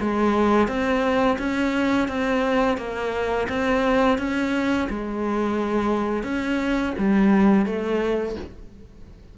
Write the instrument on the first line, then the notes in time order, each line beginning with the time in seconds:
cello
0.00 G#3
0.68 C4
1.38 C#4
2.08 C4
2.77 A#3
3.49 C4
4.18 C#4
4.89 G#3
6.23 C#4
6.98 G3
7.66 A3